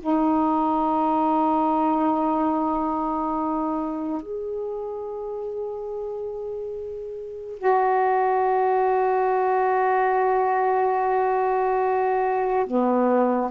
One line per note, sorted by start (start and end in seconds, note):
0.00 4.22 D#4
4.22 7.59 G#4
7.59 12.66 F#4
12.66 13.51 B3